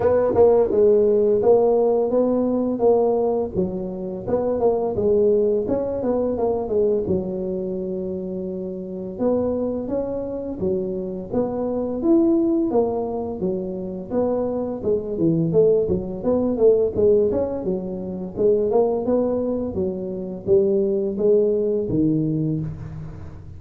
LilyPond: \new Staff \with { instrumentName = "tuba" } { \time 4/4 \tempo 4 = 85 b8 ais8 gis4 ais4 b4 | ais4 fis4 b8 ais8 gis4 | cis'8 b8 ais8 gis8 fis2~ | fis4 b4 cis'4 fis4 |
b4 e'4 ais4 fis4 | b4 gis8 e8 a8 fis8 b8 a8 | gis8 cis'8 fis4 gis8 ais8 b4 | fis4 g4 gis4 dis4 | }